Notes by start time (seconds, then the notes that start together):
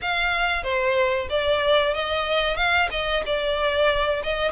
0.01 F5
0.63 C5
1.29 D5
1.94 D#5
2.56 F5
2.91 D#5
3.26 D5
4.23 D#5